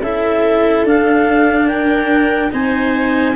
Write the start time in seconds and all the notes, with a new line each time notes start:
0.00 C#4 E4 A4 E5
0.83 D4 F5
1.68 A#4 G5
2.51 C4 D#4 C5 G#5